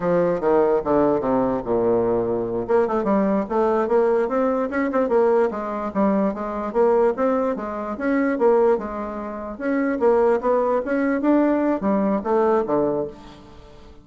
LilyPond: \new Staff \with { instrumentName = "bassoon" } { \time 4/4 \tempo 4 = 147 f4 dis4 d4 c4 | ais,2~ ais,8 ais8 a8 g8~ | g8 a4 ais4 c'4 cis'8 | c'8 ais4 gis4 g4 gis8~ |
gis8 ais4 c'4 gis4 cis'8~ | cis'8 ais4 gis2 cis'8~ | cis'8 ais4 b4 cis'4 d'8~ | d'4 g4 a4 d4 | }